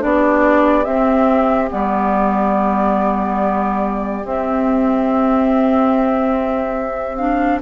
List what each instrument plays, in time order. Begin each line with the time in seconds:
0.00 bassoon B3, clarinet D4, oboe G4, flute D5
0.85 clarinet C4, bassoon C4, flute E5
1.70 bassoon G3, clarinet B3, flute D5
4.24 bassoon C4, clarinet C4, flute E5
7.17 clarinet D4, flute F5